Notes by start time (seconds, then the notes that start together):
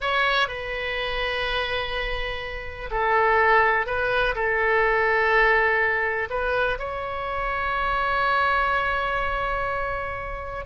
0.00 C#5
0.48 B4
2.90 A4
3.86 B4
4.35 A4
6.29 B4
6.79 C#5